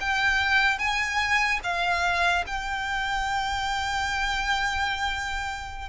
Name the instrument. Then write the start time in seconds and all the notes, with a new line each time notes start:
violin
0.00 G5
0.79 G#5
1.63 F5
2.47 G5